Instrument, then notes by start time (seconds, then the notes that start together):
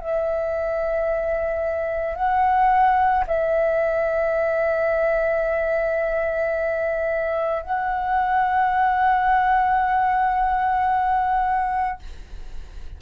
flute
0.00 E5
2.15 F#5
3.27 E5
7.63 F#5